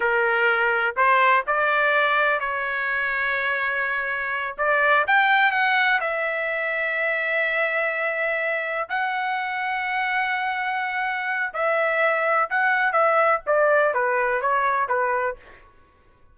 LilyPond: \new Staff \with { instrumentName = "trumpet" } { \time 4/4 \tempo 4 = 125 ais'2 c''4 d''4~ | d''4 cis''2.~ | cis''4. d''4 g''4 fis''8~ | fis''8 e''2.~ e''8~ |
e''2~ e''8 fis''4.~ | fis''1 | e''2 fis''4 e''4 | d''4 b'4 cis''4 b'4 | }